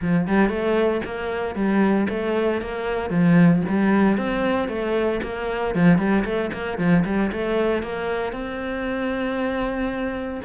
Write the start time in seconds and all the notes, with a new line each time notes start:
0.01 F3
0.27 G3
0.49 A3
1.05 A#3
1.55 G3
2.09 A3
2.61 A#3
3.10 F3
3.68 G3
4.17 C4
4.68 A3
5.22 A#3
5.74 F3
5.98 G3
6.24 A3
6.53 A#3
6.78 F3
7.05 G3
7.32 A3
7.82 A#3
8.32 C4